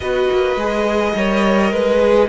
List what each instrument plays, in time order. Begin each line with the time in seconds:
0.00 cello B3, viola F#4, violin B4 D#5
0.31 cello A#3
0.56 cello G#3, viola G#4
1.15 cello G3, viola A#4, violin C#5
1.71 cello G#3, violin B4
1.99 viola G#4